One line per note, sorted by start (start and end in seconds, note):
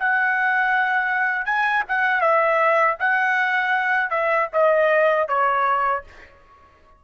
0.00 1.46 F#5
1.46 1.84 G#5
1.88 2.22 F#5
2.22 2.98 E5
3.00 4.10 F#5
4.10 4.48 E5
4.53 5.29 D#5
5.29 6.04 C#5